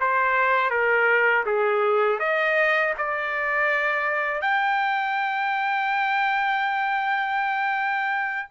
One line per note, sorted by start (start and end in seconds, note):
0.00 0.70 C5
0.70 1.44 A#4
1.45 2.19 G#4
2.19 2.93 D#5
2.98 4.41 D5
4.41 8.48 G5